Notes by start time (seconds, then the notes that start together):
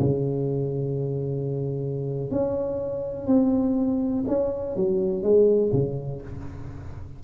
0.00 C#3
2.31 C#4
3.27 C4
4.28 C#4
4.76 F#3
5.23 G#3
5.73 C#3